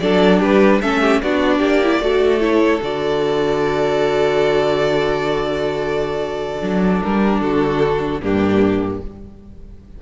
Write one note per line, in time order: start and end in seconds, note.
0.00 0.41 F#3
0.00 0.82 D4
0.00 0.40 A4
0.00 0.40 D5
0.40 0.81 G3
0.40 0.80 G4
0.40 0.82 B4
0.82 1.22 A3
0.82 1.22 C#4
0.82 1.02 A4
0.82 1.22 E5
1.02 1.22 G4
1.22 1.60 B3
1.22 1.83 D4
1.22 1.59 F#4
1.22 2.40 D5
1.59 2.00 A#3
1.59 1.99 G4
1.83 2.01 E4
2.00 2.80 A3
2.00 2.40 F#4
2.00 7.21 A4
2.40 2.80 E4
2.40 2.80 C#5
2.82 6.62 D3
2.82 6.61 F#4
2.82 7.03 D5
6.61 7.02 F#3
6.61 8.21 D4
7.03 7.41 G3
7.03 7.42 A#4
7.21 7.41 G4
7.41 8.21 D3
7.41 8.22 F#4
7.41 8.22 A4
8.21 9.01 G2
8.21 9.02 A#3
8.21 9.02 D4
8.21 9.02 G4